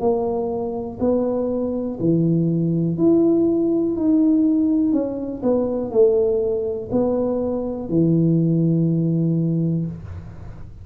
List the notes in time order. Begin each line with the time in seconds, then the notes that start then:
0.00 A#3
1.00 B3
2.00 E3
2.98 E4
3.96 D#4
4.93 C#4
5.43 B3
5.91 A3
6.92 B3
7.89 E3